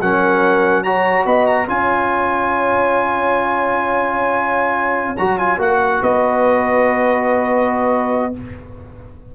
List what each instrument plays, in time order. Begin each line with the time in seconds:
0.00 tuba F#3, trombone C#4, horn A#4, trumpet F#5
0.83 trombone F#4, horn C#5, trumpet A#5
1.25 tuba B3, horn D#5, trumpet B5
1.46 trumpet A#5
1.67 tuba C#4, trombone F4, horn C#5, trumpet G#5
5.16 tuba F#3, trombone F#4, trumpet A#5
5.38 trombone F4, trumpet G#5
5.58 tuba A#3, trombone F#4, trumpet F#5
6.01 tuba B3, horn B4, trumpet D#5